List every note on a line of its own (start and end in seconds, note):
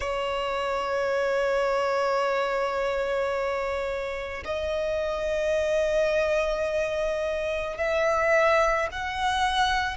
0.00 4.43 C#5
4.44 7.77 D#5
7.77 8.88 E5
8.91 9.96 F#5